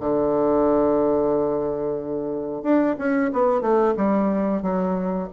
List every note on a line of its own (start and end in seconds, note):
0.00 2.63 D3
2.63 2.96 D4
2.99 3.31 C#4
3.33 3.62 B3
3.62 3.95 A3
3.97 4.63 G3
4.63 5.29 F#3